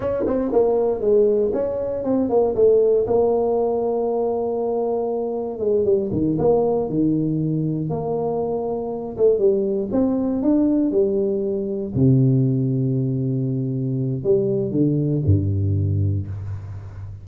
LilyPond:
\new Staff \with { instrumentName = "tuba" } { \time 4/4 \tempo 4 = 118 cis'8 c'8 ais4 gis4 cis'4 | c'8 ais8 a4 ais2~ | ais2. gis8 g8 | dis8 ais4 dis2 ais8~ |
ais2 a8 g4 c'8~ | c'8 d'4 g2 c8~ | c1 | g4 d4 g,2 | }